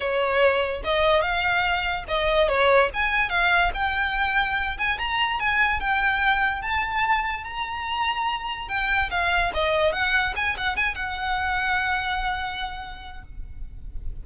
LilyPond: \new Staff \with { instrumentName = "violin" } { \time 4/4 \tempo 4 = 145 cis''2 dis''4 f''4~ | f''4 dis''4 cis''4 gis''4 | f''4 g''2~ g''8 gis''8 | ais''4 gis''4 g''2 |
a''2 ais''2~ | ais''4 g''4 f''4 dis''4 | fis''4 gis''8 fis''8 gis''8 fis''4.~ | fis''1 | }